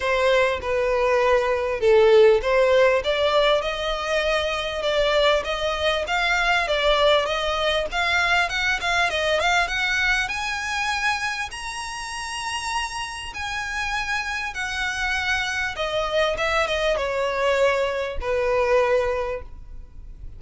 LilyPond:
\new Staff \with { instrumentName = "violin" } { \time 4/4 \tempo 4 = 99 c''4 b'2 a'4 | c''4 d''4 dis''2 | d''4 dis''4 f''4 d''4 | dis''4 f''4 fis''8 f''8 dis''8 f''8 |
fis''4 gis''2 ais''4~ | ais''2 gis''2 | fis''2 dis''4 e''8 dis''8 | cis''2 b'2 | }